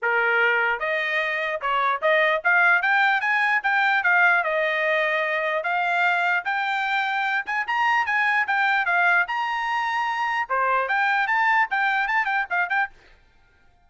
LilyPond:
\new Staff \with { instrumentName = "trumpet" } { \time 4/4 \tempo 4 = 149 ais'2 dis''2 | cis''4 dis''4 f''4 g''4 | gis''4 g''4 f''4 dis''4~ | dis''2 f''2 |
g''2~ g''8 gis''8 ais''4 | gis''4 g''4 f''4 ais''4~ | ais''2 c''4 g''4 | a''4 g''4 a''8 g''8 f''8 g''8 | }